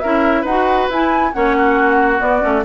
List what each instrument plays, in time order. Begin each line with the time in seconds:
0.00 bassoon C#4, clarinet E4, oboe A#4, flute E5
0.41 bassoon D#4, oboe B4, flute F#5
0.48 clarinet F#4
0.89 bassoon E4, clarinet E4, flute G#5
1.33 bassoon A#3, clarinet C#4, oboe C#5, flute F#5
1.57 oboe F#4
2.19 clarinet B3, bassoon B3, flute D5
2.41 bassoon A3, clarinet C#4